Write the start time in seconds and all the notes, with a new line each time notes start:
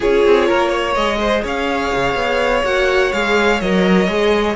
0.00 C#4 F4 G#4 C#5
0.25 C4
0.48 A#3 A#4
0.69 C#5
0.94 G#3 G#4 D#5
1.20 C5
1.44 C#4 C#5 F5
1.93 C#3
2.14 B3
2.63 A#3 F#4 F#5
3.12 G#3 G#4 F5
3.60 F#3 A#4 D#5
4.07 G#3 G#4